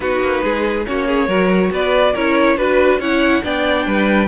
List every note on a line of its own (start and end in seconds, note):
0.00 0.21 B3
0.00 0.85 D#4
0.00 0.43 F#4
0.00 0.84 B4
0.21 0.42 A#3
0.43 0.86 G#3
0.43 0.86 G#4
0.85 1.27 A#3
0.85 1.28 C#4
0.85 1.06 F#4
0.85 1.72 C#5
1.06 1.28 G#4
1.27 1.70 F#3
1.27 2.15 F#4
1.27 1.70 A#4
1.71 2.14 B3
1.71 2.13 B4
1.71 2.15 D5
2.13 2.56 C#4
2.13 2.57 E4
2.13 2.56 A#4
2.13 2.58 C#5
2.56 2.99 D4
2.56 3.00 F#4
2.56 2.99 B4
2.56 3.00 B4
2.99 3.42 C#4
2.99 3.43 E4
2.99 3.42 C#5
2.99 3.44 F#5
3.43 3.86 B3
3.43 4.27 D4
3.43 3.86 D5
3.43 4.27 G5
3.86 4.27 G3
3.86 4.27 B4